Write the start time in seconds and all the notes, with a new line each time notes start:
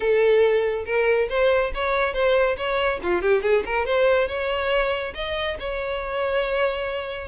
0.00 A4
0.85 A#4
1.29 C5
1.74 C#5
2.13 C5
2.57 C#5
3.02 F4
3.21 G4
3.42 G#4
3.65 A#4
3.85 C5
4.28 C#5
5.14 D#5
5.59 C#5